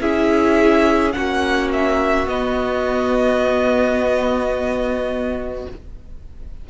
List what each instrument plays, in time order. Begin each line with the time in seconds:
0.00 cello C#4, viola E4, violin G#4 E5
1.12 cello A#3, viola C#4, violin F#4 F#5
1.72 violin E5
2.26 viola B3, cello B3, violin D#5